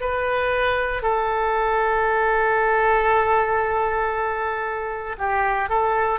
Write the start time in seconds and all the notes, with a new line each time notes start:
0.00 B4
1.02 A4
5.18 G4
5.69 A4